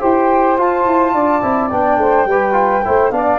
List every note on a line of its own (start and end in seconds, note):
0.00 0.58 E4
0.00 0.57 G4
0.00 1.13 C5
0.00 0.59 G5
0.58 1.42 F4
0.58 0.86 F4
0.58 1.71 A5
0.86 1.14 E4
1.14 1.43 D4
1.14 1.99 D5
1.42 1.72 C4
1.42 1.71 E4
1.71 1.97 B3
1.71 2.28 D4
1.71 3.12 G5
1.97 2.26 A3
1.97 2.28 C5
2.26 2.83 G3
2.26 2.53 G4
2.26 2.85 B4
2.53 2.81 F4
2.85 3.12 A3
2.85 3.12 E4
2.85 3.14 C5
3.12 3.40 B3
3.12 3.40 D4
3.12 3.40 D5
3.12 3.40 F5